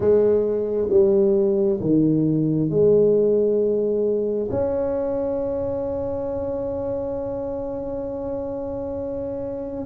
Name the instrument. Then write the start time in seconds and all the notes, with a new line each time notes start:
tuba
0.00 G#3
0.90 G3
1.80 D#3
2.69 G#3
4.50 C#4